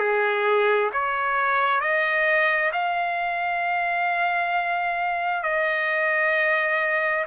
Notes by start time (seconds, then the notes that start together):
0.00 G#4
0.93 C#5
1.81 D#5
2.73 F5
5.43 D#5